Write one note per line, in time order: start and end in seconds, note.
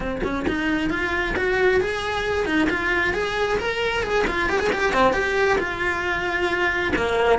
0.00 0.22 C4
0.23 0.46 C#4
0.47 0.90 D#4
0.90 1.34 F4
1.36 1.81 F#4
1.81 2.45 G#4
2.45 2.68 D#4
2.69 3.13 F4
3.13 3.58 G#4
3.58 4.03 A#4
4.03 4.25 G#4
4.27 4.49 F4
4.49 4.59 G4
4.59 4.70 G#4
4.72 4.93 G4
4.93 5.13 C4
5.13 5.58 G4
5.58 6.92 F4
6.95 7.39 A#3